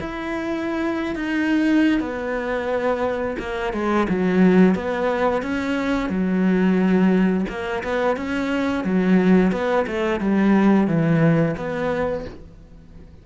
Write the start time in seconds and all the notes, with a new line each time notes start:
0.00 E4
1.16 D#4
2.00 B3
3.39 A#3
3.73 G#3
4.09 F#3
4.75 B3
5.42 C#4
6.10 F#3
7.49 A#3
7.83 B3
8.16 C#4
8.84 F#3
9.52 B3
9.87 A3
10.20 G3
10.87 E3
11.57 B3